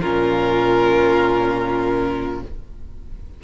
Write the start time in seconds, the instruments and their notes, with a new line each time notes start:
0.00 cello A#2, viola C#4, violin F4 A#4